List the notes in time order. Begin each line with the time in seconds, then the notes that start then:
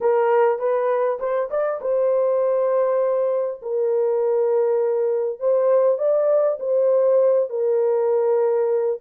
0.00 A#4
0.58 B4
1.19 C5
1.50 D5
1.81 C5
3.62 A#4
5.39 C5
5.98 D5
6.59 C5
7.49 A#4